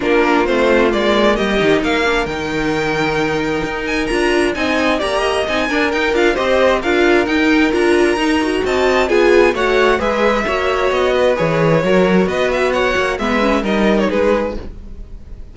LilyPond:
<<
  \new Staff \with { instrumentName = "violin" } { \time 4/4 \tempo 4 = 132 ais'4 c''4 d''4 dis''4 | f''4 g''2.~ | g''8 gis''8 ais''4 gis''4 ais''4 | gis''4 g''8 f''8 dis''4 f''4 |
g''4 ais''2 a''4 | gis''4 fis''4 e''2 | dis''4 cis''2 dis''8 e''8 | fis''4 e''4 dis''8. cis''16 b'4 | }
  \new Staff \with { instrumentName = "violin" } { \time 4/4 f'2. g'4 | ais'1~ | ais'2 dis''4 d''8 dis''8~ | dis''8 ais'4. c''4 ais'4~ |
ais'2. dis''4 | gis'4 cis''4 b'4 cis''4~ | cis''8 b'4. ais'4 b'4 | cis''4 b'4 ais'4 gis'4 | }
  \new Staff \with { instrumentName = "viola" } { \time 4/4 d'4 c'4 ais4. dis'8~ | dis'8 d'8 dis'2.~ | dis'4 f'4 dis'4 g'4 | dis'8 d'8 dis'8 f'8 g'4 f'4 |
dis'4 f'4 dis'8 fis'4. | f'4 fis'4 gis'4 fis'4~ | fis'4 gis'4 fis'2~ | fis'4 b8 cis'8 dis'2 | }
  \new Staff \with { instrumentName = "cello" } { \time 4/4 ais4 a4 gis4 g8 dis8 | ais4 dis2. | dis'4 d'4 c'4 ais4 | c'8 d'8 dis'8 d'8 c'4 d'4 |
dis'4 d'4 dis'4 c'4 | b4 a4 gis4 ais4 | b4 e4 fis4 b4~ | b8 ais8 gis4 g4 gis4 | }
>>